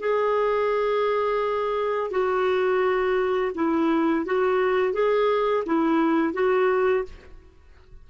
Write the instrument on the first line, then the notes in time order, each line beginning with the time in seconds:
clarinet
0.00 G#4
2.11 F#4
3.55 E4
4.25 F#4
4.93 G#4
5.66 E4
6.34 F#4